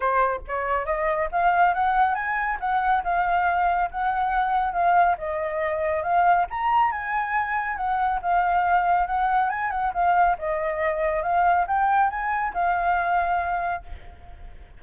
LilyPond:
\new Staff \with { instrumentName = "flute" } { \time 4/4 \tempo 4 = 139 c''4 cis''4 dis''4 f''4 | fis''4 gis''4 fis''4 f''4~ | f''4 fis''2 f''4 | dis''2 f''4 ais''4 |
gis''2 fis''4 f''4~ | f''4 fis''4 gis''8 fis''8 f''4 | dis''2 f''4 g''4 | gis''4 f''2. | }